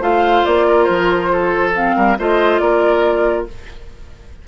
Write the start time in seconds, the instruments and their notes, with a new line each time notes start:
0.00 bassoon A3, clarinet F4, oboe C5, flute F5
0.45 bassoon A#3, flute D5
0.67 oboe A#4
0.84 bassoon F3, flute C5
1.32 oboe A4
1.75 clarinet C4, flute F5
1.96 bassoon G3, oboe A#4
2.18 bassoon A3, clarinet F4, oboe C5, flute D#5
2.58 bassoon A#3, oboe A#4, flute D5